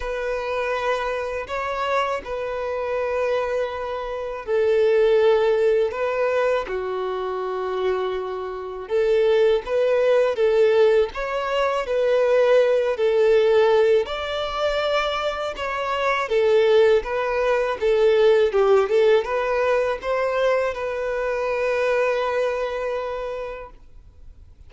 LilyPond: \new Staff \with { instrumentName = "violin" } { \time 4/4 \tempo 4 = 81 b'2 cis''4 b'4~ | b'2 a'2 | b'4 fis'2. | a'4 b'4 a'4 cis''4 |
b'4. a'4. d''4~ | d''4 cis''4 a'4 b'4 | a'4 g'8 a'8 b'4 c''4 | b'1 | }